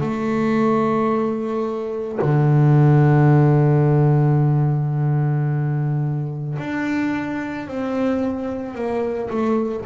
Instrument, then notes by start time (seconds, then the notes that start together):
double bass
0.00 A3
2.21 D3
6.58 D4
7.67 C4
8.75 A#3
9.30 A3